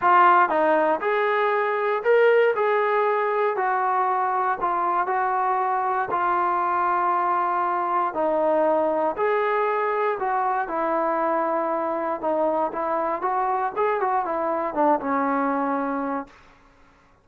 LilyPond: \new Staff \with { instrumentName = "trombone" } { \time 4/4 \tempo 4 = 118 f'4 dis'4 gis'2 | ais'4 gis'2 fis'4~ | fis'4 f'4 fis'2 | f'1 |
dis'2 gis'2 | fis'4 e'2. | dis'4 e'4 fis'4 gis'8 fis'8 | e'4 d'8 cis'2~ cis'8 | }